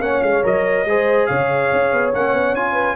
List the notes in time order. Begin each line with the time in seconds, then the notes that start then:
0.00 A#3 C#4 C#5 F#5
0.22 G#3 F5
0.43 F#3 A#4 D#5
0.85 G#3 G#4 C5
1.26 C#3 C#5 F5
1.72 C#4
1.92 B3
2.14 A#3 C#4 F#5
2.33 B3
2.53 C#4 F4 G#5
2.73 B4